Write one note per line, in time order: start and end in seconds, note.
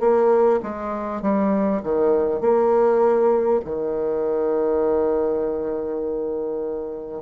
0.00 0.60 A#3
0.63 1.22 G#3
1.22 1.82 G3
1.83 2.41 D#3
2.41 3.61 A#3
3.65 7.22 D#3